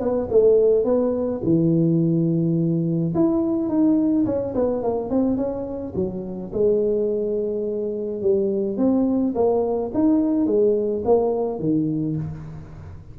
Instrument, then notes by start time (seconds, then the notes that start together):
tuba
0.00 B3
0.31 A3
0.85 B3
1.44 E3
3.15 E4
3.69 D#4
4.26 C#4
4.55 B3
4.83 A#3
5.10 C4
5.37 C#4
5.96 F#3
6.54 G#3
8.22 G3
8.78 C4
9.35 A#3
9.95 D#4
10.47 G#3
11.06 A#3
11.60 D#3